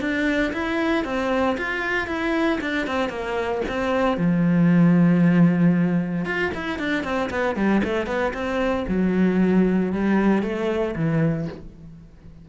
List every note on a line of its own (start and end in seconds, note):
0.00 0.52 D4
0.52 1.04 E4
1.04 1.57 C4
1.58 2.07 F4
2.07 2.59 E4
2.61 2.87 D4
2.87 3.09 C4
3.09 3.61 A#3
3.68 4.17 C4
4.17 6.25 F3
6.25 6.51 F4
6.55 6.78 E4
6.78 7.03 D4
7.03 7.29 C4
7.30 7.55 B3
7.55 7.81 G3
7.84 8.06 A3
8.06 8.32 B3
8.33 8.86 C4
8.88 9.92 F#3
9.92 10.42 G3
10.42 10.94 A3
10.96 11.48 E3